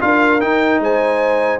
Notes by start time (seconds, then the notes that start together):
0.00 D4 F4 A#4 F5
0.41 D#4 G5
0.80 G#3 C5 G#5